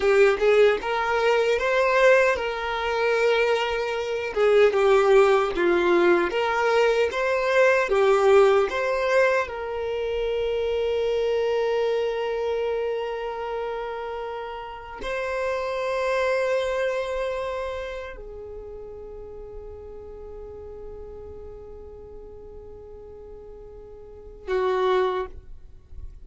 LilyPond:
\new Staff \with { instrumentName = "violin" } { \time 4/4 \tempo 4 = 76 g'8 gis'8 ais'4 c''4 ais'4~ | ais'4. gis'8 g'4 f'4 | ais'4 c''4 g'4 c''4 | ais'1~ |
ais'2. c''4~ | c''2. gis'4~ | gis'1~ | gis'2. fis'4 | }